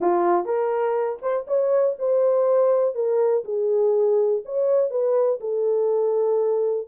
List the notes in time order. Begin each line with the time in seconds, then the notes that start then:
0.00 F4
0.45 A#4
1.22 C5
1.47 C#5
1.99 C5
2.94 A#4
3.44 G#4
4.45 C#5
4.90 B4
5.40 A4